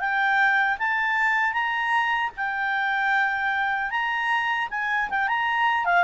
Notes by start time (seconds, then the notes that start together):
0.00 G5
0.79 A5
1.53 A#5
2.37 G5
3.91 A#5
4.71 G#5
5.10 G5
5.28 A#5
5.85 F5